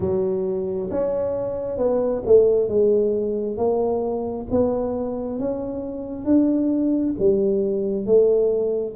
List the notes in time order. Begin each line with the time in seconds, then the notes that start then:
0.00 F#3
0.90 C#4
1.77 B3
2.26 A3
2.68 G#3
3.57 A#3
4.50 B3
5.39 C#4
6.24 D4
7.18 G3
8.06 A3